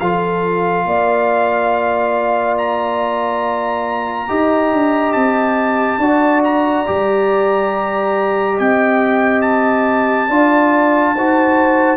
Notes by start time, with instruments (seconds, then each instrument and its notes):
0.00 tuba F3, trombone F4, horn A4, trumpet F5
0.86 tuba A#3, horn D5
2.58 trumpet A#5
4.28 tuba D#4, trombone G4, horn D#5
4.73 tuba D4
5.13 tuba C4, trumpet A5
5.98 tuba D4, trombone F#4, horn D5
6.44 trumpet A#5
6.86 tuba G3, trombone G4
8.55 tuba C4, horn D#5, trumpet G5
9.42 trumpet A5
10.28 tuba D4, trombone F4, horn D5
11.15 tuba D#4, trombone F#4, horn C5